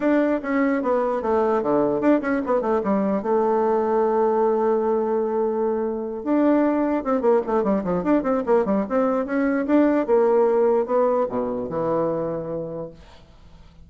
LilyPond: \new Staff \with { instrumentName = "bassoon" } { \time 4/4 \tempo 4 = 149 d'4 cis'4 b4 a4 | d4 d'8 cis'8 b8 a8 g4 | a1~ | a2.~ a8 d'8~ |
d'4. c'8 ais8 a8 g8 f8 | d'8 c'8 ais8 g8 c'4 cis'4 | d'4 ais2 b4 | b,4 e2. | }